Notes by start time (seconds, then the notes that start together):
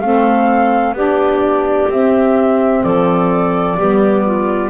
0.00 A3 C4 A4 F5
0.92 B3 D4 G4 D5
1.88 C4 E5
2.82 F3 A4 D5
3.76 G3 B3 G4
4.25 F4